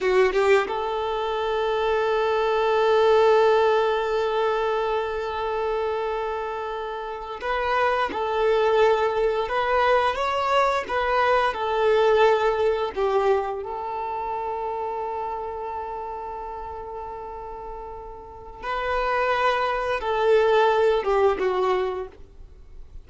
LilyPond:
\new Staff \with { instrumentName = "violin" } { \time 4/4 \tempo 4 = 87 fis'8 g'8 a'2.~ | a'1~ | a'2~ a'8. b'4 a'16~ | a'4.~ a'16 b'4 cis''4 b'16~ |
b'8. a'2 g'4 a'16~ | a'1~ | a'2. b'4~ | b'4 a'4. g'8 fis'4 | }